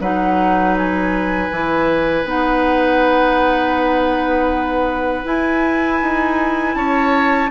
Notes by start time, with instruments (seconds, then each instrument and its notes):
0.00 bassoon F#3, clarinet D#4, oboe B4, flute F#5
0.78 flute G#5
1.51 bassoon E3, clarinet E4
2.25 bassoon B3, clarinet D#4, flute F#5
5.25 clarinet E4, bassoon E4, flute G#5
6.02 bassoon D#4
6.75 bassoon C#4, oboe C#5, flute A5